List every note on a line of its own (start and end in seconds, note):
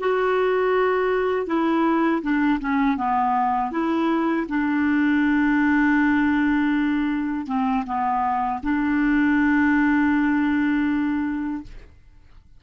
0.00 1.47 F#4
1.47 2.22 E4
2.22 2.59 D4
2.60 2.97 C#4
2.97 3.72 B3
3.72 4.47 E4
4.49 7.47 D4
7.47 7.84 C4
7.86 8.61 B3
8.63 11.63 D4